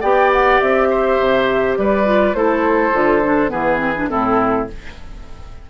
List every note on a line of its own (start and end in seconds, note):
0.00 0.61 B3
0.00 2.05 G4
0.00 0.87 D5
0.00 0.31 G5
0.33 0.60 F#5
0.60 1.19 C4
0.60 1.77 E5
0.90 1.78 C5
1.19 1.77 C3
1.77 2.34 G3
1.77 2.37 B4
1.77 2.34 D5
2.05 2.34 F4
2.34 2.92 A3
2.34 2.92 E4
2.34 3.51 A4
2.34 3.50 C5
2.92 3.52 D3
2.92 3.22 F4
3.24 3.49 D4
3.49 4.10 E3
3.49 3.78 B3
3.49 4.09 G#4
3.49 4.08 B4
3.78 3.92 C4
3.96 4.09 D4
4.09 4.70 A2
4.09 4.67 C4
4.09 4.68 E4
4.09 4.67 A4